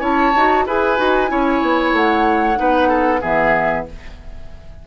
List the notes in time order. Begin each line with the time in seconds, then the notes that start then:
0.00 C#4 E4 C#5 A5
0.35 D#4 F#4
0.66 E4 G#4 B4 G#5
0.97 D#4 F#4
1.28 C#4 E4 C#5
1.61 B3
1.92 A3 F#5
2.55 B3 D#4 B4
2.88 A4
3.21 E3 B3 G#4 E5